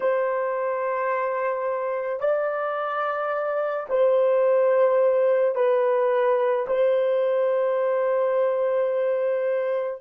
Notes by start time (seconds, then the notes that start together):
0.00 C5
2.20 D5
3.89 C5
5.55 B4
6.67 C5